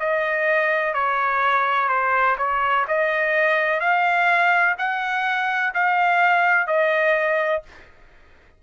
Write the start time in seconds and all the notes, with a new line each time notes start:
0.00 D#5
0.94 C#5
1.89 C5
2.38 C#5
2.88 D#5
3.81 F5
4.78 F#5
5.74 F5
6.68 D#5